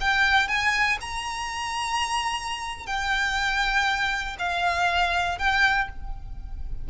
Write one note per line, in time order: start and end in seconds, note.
0.00 0.48 G5
0.48 0.98 G#5
1.00 2.86 A#5
2.86 4.36 G5
4.38 5.38 F5
5.38 5.88 G5